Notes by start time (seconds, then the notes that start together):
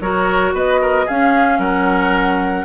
0.00 F#3 F#4 A#4 C#5
0.53 B3 B4 D#5
0.81 A#4
1.05 C#4 G#4 F5
1.59 F#3 A#4 F#5